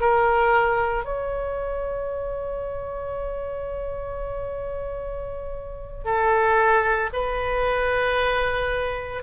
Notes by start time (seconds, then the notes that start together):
0.00 A#4
1.04 C#5
6.04 A4
7.12 B4